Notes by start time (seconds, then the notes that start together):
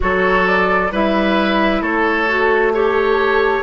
0.00 F#3 F#4 A4 C#5
0.46 D5
0.91 G3 E4 B4 E5
1.81 A3 A4 C#5
2.28 F#4
2.73 G4 A4 C#5